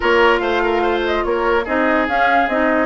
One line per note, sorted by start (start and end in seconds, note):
0.00 0.40 A#3
0.00 1.62 F4
0.00 0.41 A#4
0.00 0.38 C#5
0.38 1.23 A3
0.38 0.62 C5
0.38 1.00 F5
0.63 0.82 A#4
0.82 1.23 C5
1.05 1.24 D#5
1.24 1.66 A#3
1.24 1.64 A#4
1.24 1.65 C#5
1.64 2.07 C4
1.64 2.07 D#4
1.64 2.86 G#4
1.64 2.08 D#5
2.07 2.47 C#4
2.07 2.49 C#4
2.07 2.49 F5
2.47 2.86 C4
2.47 2.86 D#4
2.47 2.86 D#5